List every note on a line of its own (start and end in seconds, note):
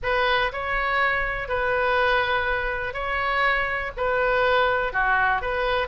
0.02 0.51 B4
0.52 1.48 C#5
1.48 2.93 B4
2.93 3.91 C#5
3.96 4.92 B4
4.92 5.41 F#4
5.41 5.87 B4